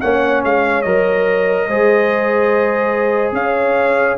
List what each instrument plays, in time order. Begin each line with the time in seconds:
0.00 tuba A#3, trombone C#4, horn C#5, trumpet F#5
0.44 tuba G#3, trumpet F5
0.81 tuba F#3, trombone A#4, trumpet D#5
1.68 tuba G#3, trombone G#4, horn C5
3.32 tuba C#4, horn C#5, trumpet F5